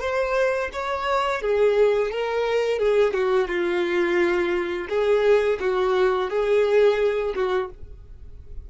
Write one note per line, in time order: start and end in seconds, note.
0.00 0.70 C5
0.73 1.41 C#5
1.41 2.11 G#4
2.11 2.79 A#4
2.79 3.14 G#4
3.14 3.48 F#4
3.48 4.87 F4
4.89 5.58 G#4
5.60 6.29 F#4
6.29 7.34 G#4
7.35 7.70 F#4